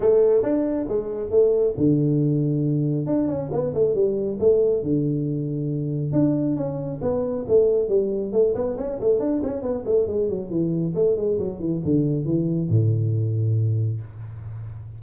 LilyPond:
\new Staff \with { instrumentName = "tuba" } { \time 4/4 \tempo 4 = 137 a4 d'4 gis4 a4 | d2. d'8 cis'8 | b8 a8 g4 a4 d4~ | d2 d'4 cis'4 |
b4 a4 g4 a8 b8 | cis'8 a8 d'8 cis'8 b8 a8 gis8 fis8 | e4 a8 gis8 fis8 e8 d4 | e4 a,2. | }